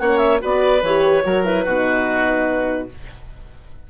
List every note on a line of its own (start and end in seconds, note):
0.00 0.42 A#3
0.00 0.41 C#4
0.00 0.42 C#5
0.00 0.18 F#5
0.18 0.38 E5
0.41 0.83 B3
0.41 0.82 F#4
0.41 1.24 B4
0.41 0.83 D5
0.83 1.24 E3
0.83 1.25 G4
0.83 1.45 C#5
1.25 1.67 F#3
1.25 1.45 F#4
1.25 1.65 A#4
1.45 1.66 E4
1.45 2.89 B4
1.65 2.90 B2
1.65 2.91 D#4
1.65 2.88 F#4